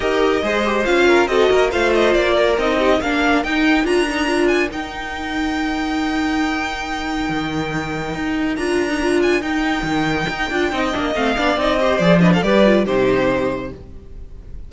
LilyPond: <<
  \new Staff \with { instrumentName = "violin" } { \time 4/4 \tempo 4 = 140 dis''2 f''4 dis''4 | f''8 dis''8 d''4 dis''4 f''4 | g''4 ais''4. gis''8 g''4~ | g''1~ |
g''1 | ais''4. gis''8 g''2~ | g''2 f''4 dis''4 | d''8 dis''16 f''16 d''4 c''2 | }
  \new Staff \with { instrumentName = "violin" } { \time 4/4 ais'4 c''4. ais'8 a'8 ais'8 | c''4. ais'4 g'8 ais'4~ | ais'1~ | ais'1~ |
ais'1~ | ais'1~ | ais'4 dis''4. d''4 c''8~ | c''8 b'16 a'16 b'4 g'2 | }
  \new Staff \with { instrumentName = "viola" } { \time 4/4 g'4 gis'8 g'8 f'4 fis'4 | f'2 dis'4 d'4 | dis'4 f'8 dis'8 f'4 dis'4~ | dis'1~ |
dis'1 | f'8. dis'16 f'4 dis'2~ | dis'8 f'8 dis'8 d'8 c'8 d'8 dis'8 g'8 | gis'8 d'8 g'8 f'8 dis'2 | }
  \new Staff \with { instrumentName = "cello" } { \time 4/4 dis'4 gis4 cis'4 c'8 ais8 | a4 ais4 c'4 ais4 | dis'4 d'2 dis'4~ | dis'1~ |
dis'4 dis2 dis'4 | d'2 dis'4 dis4 | dis'8 d'8 c'8 ais8 a8 b8 c'4 | f4 g4 c2 | }
>>